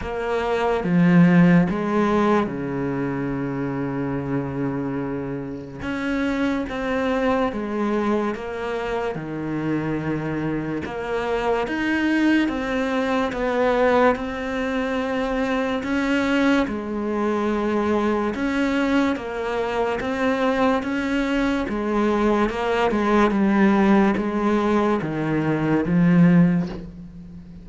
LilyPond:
\new Staff \with { instrumentName = "cello" } { \time 4/4 \tempo 4 = 72 ais4 f4 gis4 cis4~ | cis2. cis'4 | c'4 gis4 ais4 dis4~ | dis4 ais4 dis'4 c'4 |
b4 c'2 cis'4 | gis2 cis'4 ais4 | c'4 cis'4 gis4 ais8 gis8 | g4 gis4 dis4 f4 | }